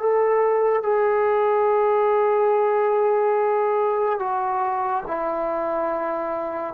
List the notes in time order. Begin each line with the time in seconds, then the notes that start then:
0.00 A4
0.83 G#4
4.19 F#4
5.08 E4